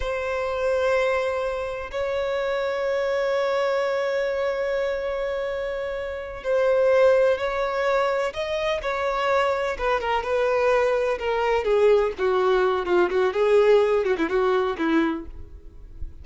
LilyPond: \new Staff \with { instrumentName = "violin" } { \time 4/4 \tempo 4 = 126 c''1 | cis''1~ | cis''1~ | cis''4. c''2 cis''8~ |
cis''4. dis''4 cis''4.~ | cis''8 b'8 ais'8 b'2 ais'8~ | ais'8 gis'4 fis'4. f'8 fis'8 | gis'4. fis'16 e'16 fis'4 e'4 | }